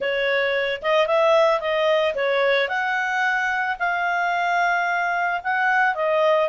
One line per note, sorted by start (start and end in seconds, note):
0.00 0.81 C#5
0.82 1.06 D#5
1.06 1.60 E5
1.60 2.14 D#5
2.14 2.68 C#5
2.68 3.76 F#5
3.79 5.41 F5
5.43 5.95 F#5
5.95 6.49 D#5